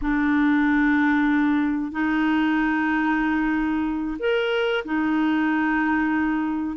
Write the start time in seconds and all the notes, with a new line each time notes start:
0.01 D4
1.91 D#4
4.19 A#4
4.84 D#4